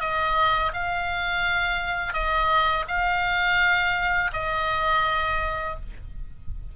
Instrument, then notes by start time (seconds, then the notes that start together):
oboe
0.00 D#5
0.73 F5
2.13 D#5
2.88 F5
4.33 D#5